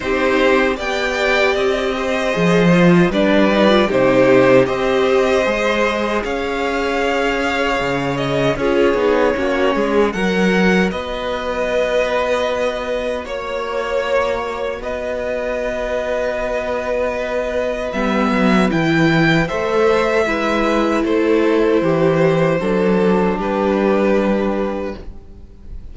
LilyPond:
<<
  \new Staff \with { instrumentName = "violin" } { \time 4/4 \tempo 4 = 77 c''4 g''4 dis''2 | d''4 c''4 dis''2 | f''2~ f''8 dis''8 cis''4~ | cis''4 fis''4 dis''2~ |
dis''4 cis''2 dis''4~ | dis''2. e''4 | g''4 e''2 c''4~ | c''2 b'2 | }
  \new Staff \with { instrumentName = "violin" } { \time 4/4 g'4 d''4. c''4. | b'4 g'4 c''2 | cis''2. gis'4 | fis'8 gis'8 ais'4 b'2~ |
b'4 cis''2 b'4~ | b'1~ | b'4 c''4 b'4 a'4 | g'4 a'4 g'2 | }
  \new Staff \with { instrumentName = "viola" } { \time 4/4 dis'4 g'2 gis'8 f'8 | d'8 dis'16 f'16 dis'4 g'4 gis'4~ | gis'2. f'8 dis'8 | cis'4 fis'2.~ |
fis'1~ | fis'2. b4 | e'4 a'4 e'2~ | e'4 d'2. | }
  \new Staff \with { instrumentName = "cello" } { \time 4/4 c'4 b4 c'4 f4 | g4 c4 c'4 gis4 | cis'2 cis4 cis'8 b8 | ais8 gis8 fis4 b2~ |
b4 ais2 b4~ | b2. g8 fis8 | e4 a4 gis4 a4 | e4 fis4 g2 | }
>>